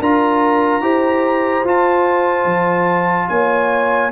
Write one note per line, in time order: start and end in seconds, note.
0.00 0.82 D4
0.00 0.82 F4
0.00 0.82 A#4
0.00 1.67 A#5
0.82 1.64 E4
0.82 1.64 G4
0.82 3.29 C5
1.64 2.45 F4
1.64 4.12 F4
1.64 3.29 A5
2.45 3.28 F3
3.29 4.12 A#3
3.29 4.12 C#5
3.29 4.11 G#5